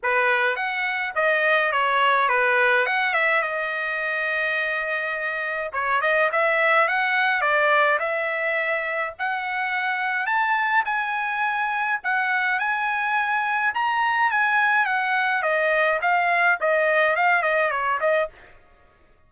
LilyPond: \new Staff \with { instrumentName = "trumpet" } { \time 4/4 \tempo 4 = 105 b'4 fis''4 dis''4 cis''4 | b'4 fis''8 e''8 dis''2~ | dis''2 cis''8 dis''8 e''4 | fis''4 d''4 e''2 |
fis''2 a''4 gis''4~ | gis''4 fis''4 gis''2 | ais''4 gis''4 fis''4 dis''4 | f''4 dis''4 f''8 dis''8 cis''8 dis''8 | }